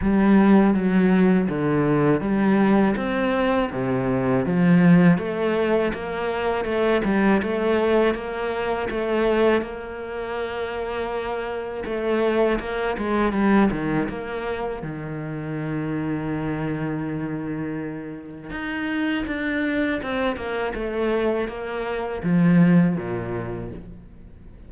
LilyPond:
\new Staff \with { instrumentName = "cello" } { \time 4/4 \tempo 4 = 81 g4 fis4 d4 g4 | c'4 c4 f4 a4 | ais4 a8 g8 a4 ais4 | a4 ais2. |
a4 ais8 gis8 g8 dis8 ais4 | dis1~ | dis4 dis'4 d'4 c'8 ais8 | a4 ais4 f4 ais,4 | }